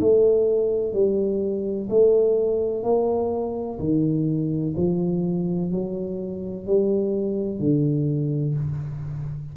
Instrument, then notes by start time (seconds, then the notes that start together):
tuba
0.00 A3
0.94 G3
1.90 A3
2.84 A#3
3.79 D#3
4.77 F3
5.72 F#3
6.67 G3
7.60 D3